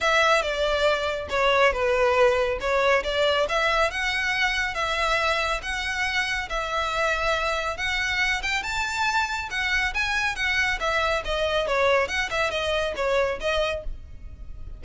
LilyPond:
\new Staff \with { instrumentName = "violin" } { \time 4/4 \tempo 4 = 139 e''4 d''2 cis''4 | b'2 cis''4 d''4 | e''4 fis''2 e''4~ | e''4 fis''2 e''4~ |
e''2 fis''4. g''8 | a''2 fis''4 gis''4 | fis''4 e''4 dis''4 cis''4 | fis''8 e''8 dis''4 cis''4 dis''4 | }